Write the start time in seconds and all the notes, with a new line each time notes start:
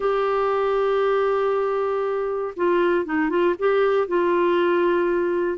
0.00 G4
2.56 F4
3.05 D#4
3.29 F4
3.58 G4
4.07 F4